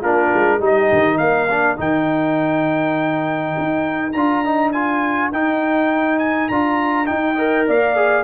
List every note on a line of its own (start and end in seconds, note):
0.00 0.31 A#3
0.00 0.60 D4
0.00 0.59 F4
0.00 0.61 A#4
0.34 0.59 G#3
0.59 0.89 G3
0.59 1.48 D#4
0.59 1.18 G4
0.59 1.17 D#5
0.92 1.19 D#3
1.17 1.78 A#3
1.17 7.33 A#4
1.17 1.76 F5
1.50 1.76 D4
1.76 3.55 D#3
1.76 4.12 D#4
1.76 4.12 G5
3.58 4.14 D#4
4.12 5.31 D4
4.12 4.44 F4
4.12 4.71 A#5
4.44 4.74 D#4
4.71 5.32 F4
4.71 5.30 G#5
5.32 6.49 D#4
5.32 6.51 D#4
5.32 6.19 G5
6.19 6.48 G#5
6.48 7.08 D4
6.48 7.05 F4
6.48 7.06 A#5
7.05 7.34 D#4
7.05 7.68 D#4
7.05 7.65 G5
7.33 7.95 A#4
7.33 7.63 D#5
7.66 8.24 A#3
7.66 8.24 D5
7.66 8.24 F5
7.95 8.24 G#4